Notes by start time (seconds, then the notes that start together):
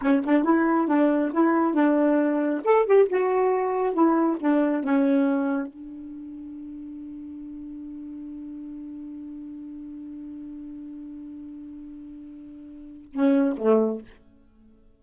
0.01 C#4
0.25 D4
0.43 E4
0.87 D4
1.33 E4
1.74 D4
2.64 A4
2.85 G4
3.08 F#4
3.93 E4
4.40 D4
4.83 C#4
5.67 D4
13.12 C#4
13.57 A3